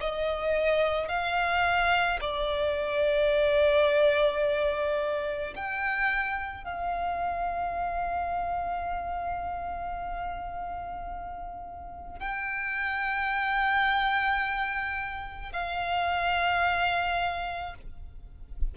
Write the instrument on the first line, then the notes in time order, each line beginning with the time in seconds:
violin
0.00 D#5
1.08 F5
2.20 D5
5.56 G5
6.64 F5
12.20 G5
15.52 F5